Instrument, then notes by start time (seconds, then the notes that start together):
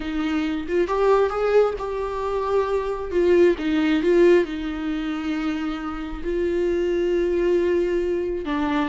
viola
0.00 D#4
0.68 F4
0.87 G4
1.29 G#4
1.78 G4
3.11 F4
3.58 D#4
4.03 F4
4.44 D#4
6.23 F4
8.45 D4